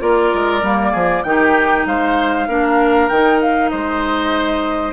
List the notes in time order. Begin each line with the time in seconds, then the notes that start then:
0.00 A#3 F4 A#4 D5
0.35 G#3
0.63 G3 A#3
0.92 F3 G#4
1.24 D#3 D#4 G4 G5
1.86 G#3 C5 F5
2.48 A#3 D4 A#4
3.09 D#3 D#4 G5
3.42 F5
3.70 G#3 C5 D#5